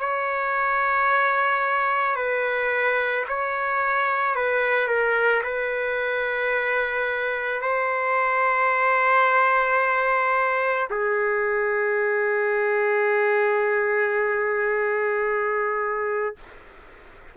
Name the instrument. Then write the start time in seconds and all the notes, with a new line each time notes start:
trumpet
0.00 C#5
2.16 B4
3.28 C#5
4.35 B4
4.88 A#4
5.43 B4
7.62 C5
10.90 G#4